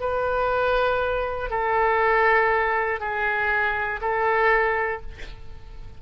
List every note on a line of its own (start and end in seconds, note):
0.00 1.50 B4
1.50 3.00 A4
3.00 4.00 G#4
4.01 5.01 A4